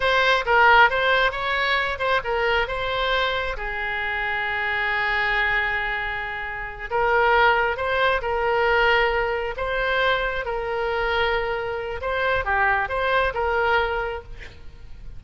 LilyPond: \new Staff \with { instrumentName = "oboe" } { \time 4/4 \tempo 4 = 135 c''4 ais'4 c''4 cis''4~ | cis''8 c''8 ais'4 c''2 | gis'1~ | gis'2.~ gis'8 ais'8~ |
ais'4. c''4 ais'4.~ | ais'4. c''2 ais'8~ | ais'2. c''4 | g'4 c''4 ais'2 | }